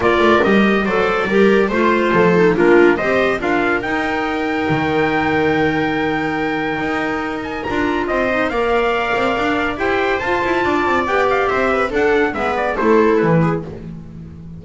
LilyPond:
<<
  \new Staff \with { instrumentName = "trumpet" } { \time 4/4 \tempo 4 = 141 d''4 dis''4 d''2 | c''2 ais'4 dis''4 | f''4 g''2.~ | g''1~ |
g''4. gis''8 ais''4 dis''4 | f''2. g''4 | a''2 g''8 f''8 e''4 | fis''4 e''8 d''8 c''4 b'4 | }
  \new Staff \with { instrumentName = "viola" } { \time 4/4 ais'2 c''4 ais'4 | c''4 a'4 f'4 c''4 | ais'1~ | ais'1~ |
ais'2. c''4 | d''2. c''4~ | c''4 d''2 c''8 b'8 | a'4 b'4 a'4. gis'8 | }
  \new Staff \with { instrumentName = "clarinet" } { \time 4/4 f'4 g'4 a'4 g'4 | f'4. dis'8 d'4 g'4 | f'4 dis'2.~ | dis'1~ |
dis'2 f'4. dis'8 | ais'2. g'4 | f'2 g'2 | d'4 b4 e'2 | }
  \new Staff \with { instrumentName = "double bass" } { \time 4/4 ais8 a8 g4 fis4 g4 | a4 f4 ais4 c'4 | d'4 dis'2 dis4~ | dis1 |
dis'2 d'4 c'4 | ais4. c'8 d'4 e'4 | f'8 e'8 d'8 c'8 b4 c'4 | d'4 gis4 a4 e4 | }
>>